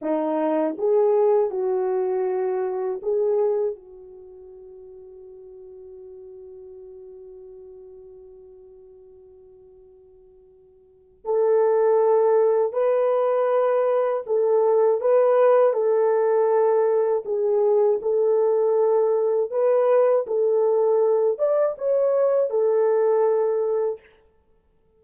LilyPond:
\new Staff \with { instrumentName = "horn" } { \time 4/4 \tempo 4 = 80 dis'4 gis'4 fis'2 | gis'4 fis'2.~ | fis'1~ | fis'2. a'4~ |
a'4 b'2 a'4 | b'4 a'2 gis'4 | a'2 b'4 a'4~ | a'8 d''8 cis''4 a'2 | }